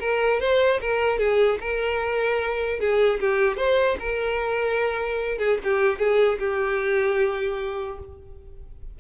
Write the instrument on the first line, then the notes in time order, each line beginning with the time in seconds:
violin
0.00 A#4
0.40 C5
0.81 A#4
1.18 G#4
1.61 A#4
2.79 G#4
3.20 G4
3.57 C5
3.99 A#4
5.38 G#4
5.64 G4
5.98 G#4
6.39 G4